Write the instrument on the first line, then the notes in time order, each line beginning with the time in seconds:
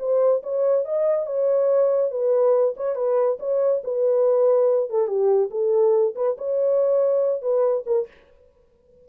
horn
0.00 C5
0.43 C#5
0.85 D#5
1.27 C#5
2.12 B4
2.77 C#5
2.96 B4
3.40 C#5
3.84 B4
4.90 A4
5.08 G4
5.51 A4
6.16 B4
6.38 C#5
7.42 B4
7.86 A#4